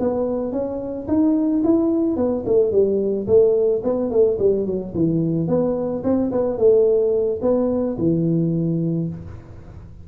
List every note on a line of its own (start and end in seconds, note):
0.00 0.52 B3
0.52 1.07 C#4
1.08 1.63 D#4
1.64 2.17 E4
2.17 2.44 B3
2.46 2.72 A3
2.72 3.27 G3
3.28 3.83 A3
3.84 4.11 B3
4.11 4.38 A3
4.39 4.67 G3
4.67 4.94 F#3
4.95 5.48 E3
5.48 6.03 B3
6.04 6.31 C4
6.32 6.58 B3
6.58 7.40 A3
7.42 7.97 B3
7.98 9.09 E3